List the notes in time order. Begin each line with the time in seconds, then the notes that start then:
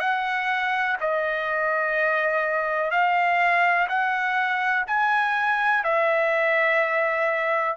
0.00 F#5
1.01 D#5
2.91 F5
3.89 F#5
4.87 G#5
5.84 E5